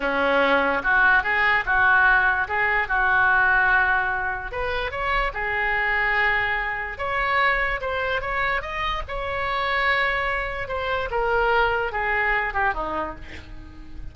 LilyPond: \new Staff \with { instrumentName = "oboe" } { \time 4/4 \tempo 4 = 146 cis'2 fis'4 gis'4 | fis'2 gis'4 fis'4~ | fis'2. b'4 | cis''4 gis'2.~ |
gis'4 cis''2 c''4 | cis''4 dis''4 cis''2~ | cis''2 c''4 ais'4~ | ais'4 gis'4. g'8 dis'4 | }